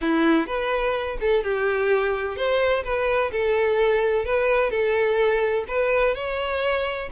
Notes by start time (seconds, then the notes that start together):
0.01 E4
0.46 B4
1.20 A4
1.43 G4
2.36 C5
2.83 B4
3.31 A4
4.25 B4
4.70 A4
5.68 B4
6.14 C#5